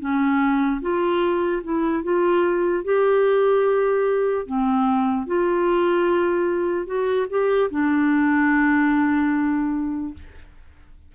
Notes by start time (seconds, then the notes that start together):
0.00 C#4
0.81 F4
1.64 E4
2.03 F4
2.85 G4
4.46 C4
5.27 F4
6.86 F#4
7.30 G4
7.71 D4